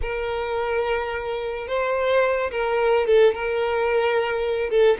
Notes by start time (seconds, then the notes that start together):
0.02 A#4
1.67 C5
2.51 A#4
3.06 A4
3.34 A#4
4.69 A4